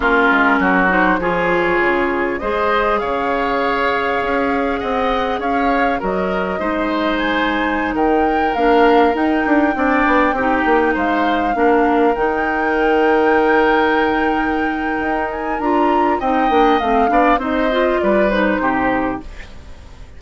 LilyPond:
<<
  \new Staff \with { instrumentName = "flute" } { \time 4/4 \tempo 4 = 100 ais'4. c''8 cis''2 | dis''4 f''2. | fis''4 f''4 dis''2 | gis''4~ gis''16 g''4 f''4 g''8.~ |
g''2~ g''16 f''4.~ f''16~ | f''16 g''2.~ g''8.~ | g''4. gis''8 ais''4 g''4 | f''4 dis''4 d''8 c''4. | }
  \new Staff \with { instrumentName = "oboe" } { \time 4/4 f'4 fis'4 gis'2 | c''4 cis''2. | dis''4 cis''4 ais'4 c''4~ | c''4~ c''16 ais'2~ ais'8.~ |
ais'16 d''4 g'4 c''4 ais'8.~ | ais'1~ | ais'2. dis''4~ | dis''8 d''8 c''4 b'4 g'4 | }
  \new Staff \with { instrumentName = "clarinet" } { \time 4/4 cis'4. dis'8 f'2 | gis'1~ | gis'2 fis'4 dis'4~ | dis'2~ dis'16 d'4 dis'8.~ |
dis'16 d'4 dis'2 d'8.~ | d'16 dis'2.~ dis'8.~ | dis'2 f'4 dis'8 d'8 | c'8 d'8 dis'8 f'4 dis'4. | }
  \new Staff \with { instrumentName = "bassoon" } { \time 4/4 ais8 gis8 fis4 f4 cis4 | gis4 cis2 cis'4 | c'4 cis'4 fis4 gis4~ | gis4~ gis16 dis4 ais4 dis'8 d'16~ |
d'16 c'8 b8 c'8 ais8 gis4 ais8.~ | ais16 dis2.~ dis8.~ | dis4 dis'4 d'4 c'8 ais8 | a8 b8 c'4 g4 c4 | }
>>